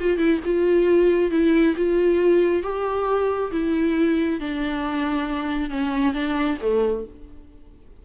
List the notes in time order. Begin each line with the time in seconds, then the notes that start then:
0.00 F4
0.18 E4
0.45 F4
1.31 E4
1.76 F4
2.63 G4
3.52 E4
4.40 D4
5.70 C#4
6.14 D4
6.61 A3